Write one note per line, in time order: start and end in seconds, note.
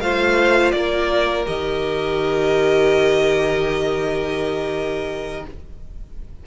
0.00 0.72 A3
0.00 1.45 F4
0.00 0.74 C5
0.00 0.71 F5
0.71 1.45 A#3
0.71 5.46 A#4
0.71 1.43 D5
1.45 5.45 D#3
1.45 5.43 G4
1.45 5.44 D#5